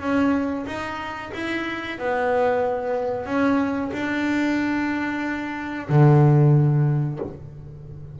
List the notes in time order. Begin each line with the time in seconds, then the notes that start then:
0.00 C#4
0.66 D#4
1.34 E4
1.99 B3
3.26 C#4
3.93 D4
5.89 D3